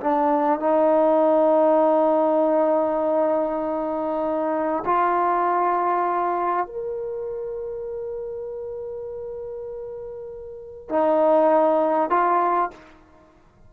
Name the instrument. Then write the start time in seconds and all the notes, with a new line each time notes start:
trombone
0.00 D4
0.59 D#4
4.85 F4
6.66 A#4
10.89 D#4
12.09 F4